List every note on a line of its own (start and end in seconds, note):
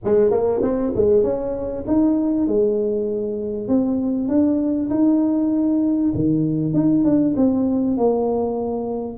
0.04 0.30 G#3
0.30 0.61 A#3
0.62 0.92 C4
0.95 1.23 G#3
1.23 1.84 C#4
1.87 2.47 D#4
2.47 3.67 G#3
3.67 4.28 C4
4.28 4.89 D4
4.90 6.12 D#4
6.14 6.73 D#3
6.73 7.04 D#4
7.04 7.34 D4
7.36 7.97 C4
7.97 9.17 A#3